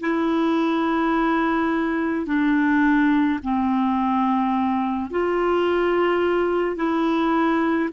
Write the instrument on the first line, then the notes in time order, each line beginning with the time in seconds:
clarinet
0.00 E4
2.26 D4
3.43 C4
5.10 F4
6.76 E4